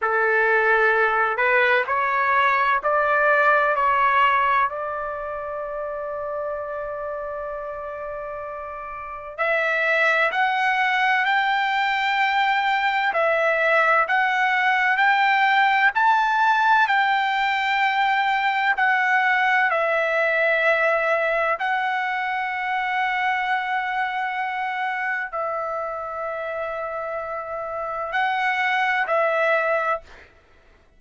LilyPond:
\new Staff \with { instrumentName = "trumpet" } { \time 4/4 \tempo 4 = 64 a'4. b'8 cis''4 d''4 | cis''4 d''2.~ | d''2 e''4 fis''4 | g''2 e''4 fis''4 |
g''4 a''4 g''2 | fis''4 e''2 fis''4~ | fis''2. e''4~ | e''2 fis''4 e''4 | }